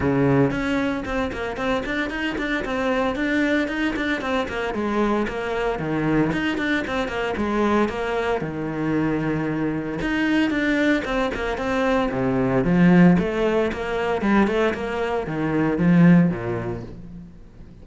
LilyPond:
\new Staff \with { instrumentName = "cello" } { \time 4/4 \tempo 4 = 114 cis4 cis'4 c'8 ais8 c'8 d'8 | dis'8 d'8 c'4 d'4 dis'8 d'8 | c'8 ais8 gis4 ais4 dis4 | dis'8 d'8 c'8 ais8 gis4 ais4 |
dis2. dis'4 | d'4 c'8 ais8 c'4 c4 | f4 a4 ais4 g8 a8 | ais4 dis4 f4 ais,4 | }